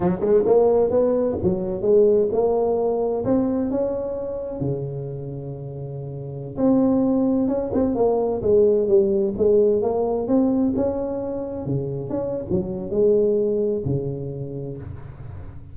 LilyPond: \new Staff \with { instrumentName = "tuba" } { \time 4/4 \tempo 4 = 130 fis8 gis8 ais4 b4 fis4 | gis4 ais2 c'4 | cis'2 cis2~ | cis2~ cis16 c'4.~ c'16~ |
c'16 cis'8 c'8 ais4 gis4 g8.~ | g16 gis4 ais4 c'4 cis'8.~ | cis'4~ cis'16 cis4 cis'8. fis4 | gis2 cis2 | }